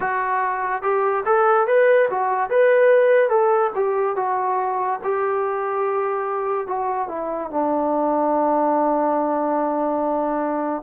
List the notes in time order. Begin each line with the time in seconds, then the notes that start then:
0.00 F#4
0.82 G4
1.25 A4
1.67 B4
2.09 F#4
2.50 B4
3.29 A4
3.75 G4
4.16 F#4
5.03 G4
6.67 F#4
7.08 E4
7.50 D4